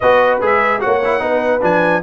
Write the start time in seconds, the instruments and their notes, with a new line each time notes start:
0.00 tuba B3, trombone F#4, horn B4, trumpet D#5
0.41 tuba G#3, trombone G#4, trumpet E5
0.80 tuba A#3, trombone F#4, horn C#5, trumpet F#5
1.04 trombone E4
1.19 tuba B3, trombone D#4, horn B4
1.61 tuba F3, trombone D4, trumpet G#5